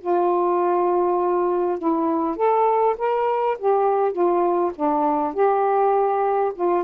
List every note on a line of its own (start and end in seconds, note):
0.00 1.78 F4
1.78 2.36 E4
2.36 2.95 A4
2.98 3.57 A#4
3.58 4.12 G4
4.12 4.71 F4
4.75 5.33 D4
5.33 6.52 G4
6.55 6.84 F4